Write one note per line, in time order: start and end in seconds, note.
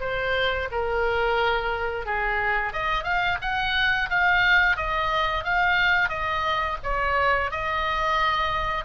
0.00 0.68 C5
0.71 2.05 A#4
2.05 2.72 G#4
2.72 3.03 D#5
3.03 3.37 F5
3.41 4.09 F#5
4.09 4.76 F5
4.76 5.44 D#5
5.44 6.09 F5
6.09 6.77 D#5
6.83 7.51 C#5
7.51 8.84 D#5